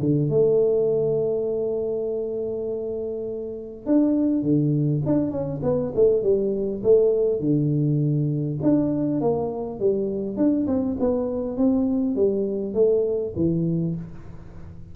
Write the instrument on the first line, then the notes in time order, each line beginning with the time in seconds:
tuba
0.00 D3
0.30 A3
3.86 D4
4.42 D3
5.06 D4
5.31 C#4
5.63 B3
5.95 A3
6.23 G3
6.83 A3
7.40 D3
8.62 D4
9.21 A#3
9.80 G3
10.37 D4
10.67 C4
11.00 B3
11.58 C4
12.16 G3
12.74 A3
13.36 E3